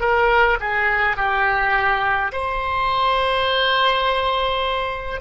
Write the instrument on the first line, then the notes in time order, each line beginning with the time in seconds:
oboe
0.00 A#4
0.60 G#4
1.16 G4
2.32 C5